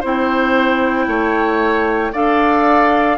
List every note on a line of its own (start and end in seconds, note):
0.00 1.07 C4
0.00 2.13 E4
0.00 1.05 C5
0.06 2.14 G5
1.07 2.12 A3
1.07 2.12 C#5
2.12 3.18 D4
2.12 3.18 A4
2.12 3.18 D5
2.12 3.18 F5